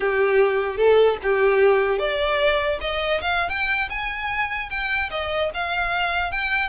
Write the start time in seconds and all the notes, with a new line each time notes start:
0.00 G4
0.77 A4
1.23 G4
1.99 D5
2.80 D#5
3.21 F5
3.49 G5
3.89 G#5
4.70 G5
5.10 D#5
5.53 F5
6.31 G5